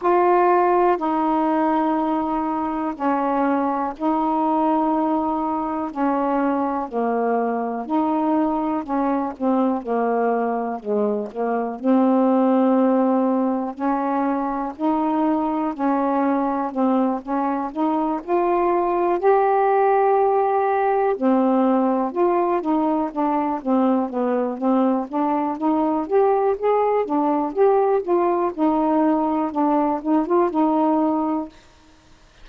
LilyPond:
\new Staff \with { instrumentName = "saxophone" } { \time 4/4 \tempo 4 = 61 f'4 dis'2 cis'4 | dis'2 cis'4 ais4 | dis'4 cis'8 c'8 ais4 gis8 ais8 | c'2 cis'4 dis'4 |
cis'4 c'8 cis'8 dis'8 f'4 g'8~ | g'4. c'4 f'8 dis'8 d'8 | c'8 b8 c'8 d'8 dis'8 g'8 gis'8 d'8 | g'8 f'8 dis'4 d'8 dis'16 f'16 dis'4 | }